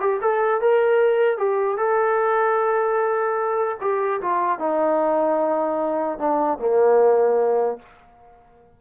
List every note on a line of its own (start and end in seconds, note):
0.00 0.20 G4
0.21 0.61 A4
0.61 1.37 A#4
1.37 1.77 G4
1.77 3.77 A4
3.81 4.21 G4
4.21 4.59 F4
4.59 6.18 D#4
6.18 6.58 D4
6.58 7.78 A#3